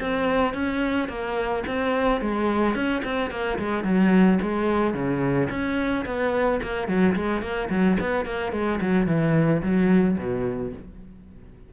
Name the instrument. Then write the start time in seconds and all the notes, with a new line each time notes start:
cello
0.00 C4
0.54 C#4
1.08 A#3
1.67 C4
2.21 G#3
2.74 C#4
3.04 C4
3.31 A#3
3.58 G#3
3.84 F#3
4.42 G#3
4.94 C#3
5.50 C#4
6.05 B3
6.63 A#3
6.87 F#3
7.15 G#3
7.41 A#3
7.70 F#3
8.00 B3
8.25 A#3
8.52 G#3
8.81 F#3
9.06 E3
9.62 F#3
10.18 B2